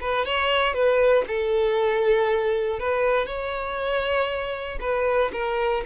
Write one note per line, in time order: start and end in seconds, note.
0.00 0.25 B4
0.25 0.73 C#5
0.73 1.24 B4
1.27 2.79 A4
2.79 3.26 B4
3.26 4.78 C#5
4.80 5.31 B4
5.33 5.83 A#4